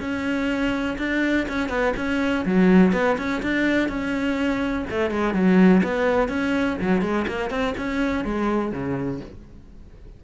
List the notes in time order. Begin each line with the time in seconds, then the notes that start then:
0.00 C#4
0.98 D4
1.48 C#4
1.69 B3
1.97 C#4
2.45 F#3
2.93 B3
3.18 C#4
3.42 D4
3.88 C#4
4.90 A3
5.10 G#3
5.34 F#3
5.83 B3
6.28 C#4
6.81 F#3
7.01 G#3
7.27 A#3
7.50 C4
7.77 C#4
8.24 G#3
8.72 C#3